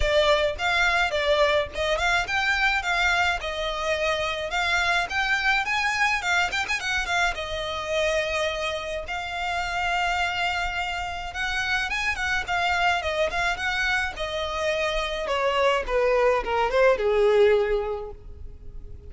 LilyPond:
\new Staff \with { instrumentName = "violin" } { \time 4/4 \tempo 4 = 106 d''4 f''4 d''4 dis''8 f''8 | g''4 f''4 dis''2 | f''4 g''4 gis''4 f''8 g''16 gis''16 | fis''8 f''8 dis''2. |
f''1 | fis''4 gis''8 fis''8 f''4 dis''8 f''8 | fis''4 dis''2 cis''4 | b'4 ais'8 c''8 gis'2 | }